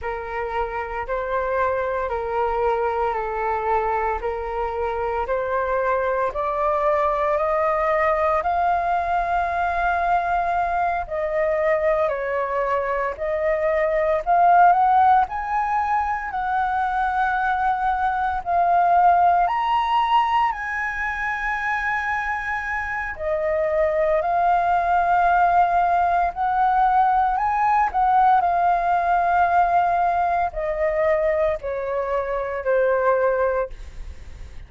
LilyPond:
\new Staff \with { instrumentName = "flute" } { \time 4/4 \tempo 4 = 57 ais'4 c''4 ais'4 a'4 | ais'4 c''4 d''4 dis''4 | f''2~ f''8 dis''4 cis''8~ | cis''8 dis''4 f''8 fis''8 gis''4 fis''8~ |
fis''4. f''4 ais''4 gis''8~ | gis''2 dis''4 f''4~ | f''4 fis''4 gis''8 fis''8 f''4~ | f''4 dis''4 cis''4 c''4 | }